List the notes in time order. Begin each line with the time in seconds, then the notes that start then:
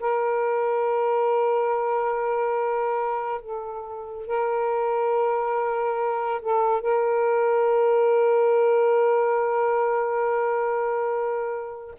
0.00 A#4
3.41 A4
4.27 A#4
6.42 A4
6.81 A#4